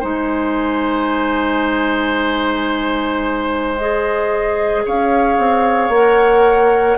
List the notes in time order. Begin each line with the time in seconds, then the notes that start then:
0.00 G#3 D#4 C5 G#5
3.77 G#4 D#5
4.85 C#4 C#5 F5
5.38 C4
5.89 A#3 A#4 F#5